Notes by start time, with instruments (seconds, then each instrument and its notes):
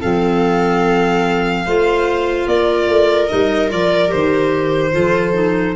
0.00 tuba F3, clarinet C4, viola A4, violin F5
1.65 tuba A3, clarinet F4, viola C5
2.47 tuba A#3, viola A#4, violin D5
2.88 tuba A3
3.28 tuba G3, clarinet D#4, violin D#5
3.69 tuba F3, clarinet F4, violin D5
4.08 tuba D#3, clarinet G4, violin C5
4.92 tuba F3, clarinet F4, viola A4
5.33 clarinet D#4